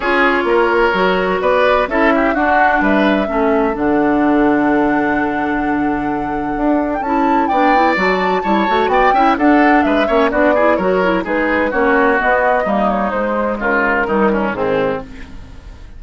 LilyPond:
<<
  \new Staff \with { instrumentName = "flute" } { \time 4/4 \tempo 4 = 128 cis''2. d''4 | e''4 fis''4 e''2 | fis''1~ | fis''2~ fis''8. g''16 a''4 |
g''4 a''2 g''4 | fis''4 e''4 d''4 cis''4 | b'4 cis''4 dis''4. cis''8 | c''4 ais'2 gis'4 | }
  \new Staff \with { instrumentName = "oboe" } { \time 4/4 gis'4 ais'2 b'4 | a'8 g'8 fis'4 b'4 a'4~ | a'1~ | a'1 |
d''2 cis''4 d''8 e''8 | a'4 b'8 cis''8 fis'8 gis'8 ais'4 | gis'4 fis'2 dis'4~ | dis'4 f'4 dis'8 cis'8 c'4 | }
  \new Staff \with { instrumentName = "clarinet" } { \time 4/4 f'2 fis'2 | e'4 d'2 cis'4 | d'1~ | d'2. e'4 |
d'8 e'8 fis'4 e'8 fis'4 e'8 | d'4. cis'8 d'8 e'8 fis'8 e'8 | dis'4 cis'4 b4 ais4 | gis2 g4 dis4 | }
  \new Staff \with { instrumentName = "bassoon" } { \time 4/4 cis'4 ais4 fis4 b4 | cis'4 d'4 g4 a4 | d1~ | d2 d'4 cis'4 |
b4 fis4 g8 a8 b8 cis'8 | d'4 gis8 ais8 b4 fis4 | gis4 ais4 b4 g4 | gis4 cis4 dis4 gis,4 | }
>>